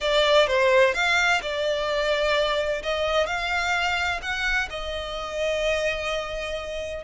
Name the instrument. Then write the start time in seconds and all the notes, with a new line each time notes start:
violin
0.00 D5
0.47 C5
0.94 F5
1.41 D5
2.83 D#5
3.26 F5
4.22 F#5
4.69 D#5